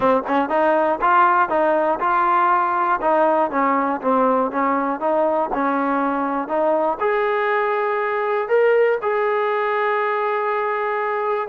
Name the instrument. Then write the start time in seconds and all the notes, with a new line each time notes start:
trombone
0.00 C4
0.27 C#4
0.49 D#4
1.01 F4
1.49 D#4
2.00 F4
3.01 D#4
3.50 C#4
4.01 C4
4.51 C#4
5.00 D#4
5.53 C#4
6.47 D#4
7.00 G#4
8.48 A#4
9.02 G#4